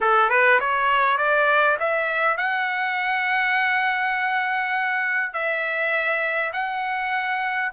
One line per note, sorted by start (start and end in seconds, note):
0.00 0.29 A4
0.29 0.59 B4
0.60 1.17 C#5
1.17 1.77 D5
1.79 2.37 E5
2.37 5.33 F#5
5.33 6.52 E5
6.52 7.71 F#5